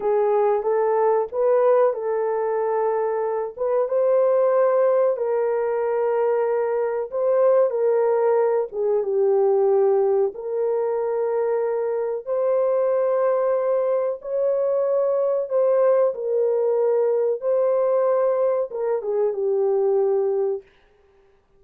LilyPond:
\new Staff \with { instrumentName = "horn" } { \time 4/4 \tempo 4 = 93 gis'4 a'4 b'4 a'4~ | a'4. b'8 c''2 | ais'2. c''4 | ais'4. gis'8 g'2 |
ais'2. c''4~ | c''2 cis''2 | c''4 ais'2 c''4~ | c''4 ais'8 gis'8 g'2 | }